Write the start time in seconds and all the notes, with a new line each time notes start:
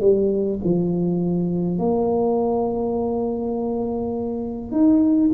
0.00 G3
0.64 F3
1.79 A#3
4.71 D#4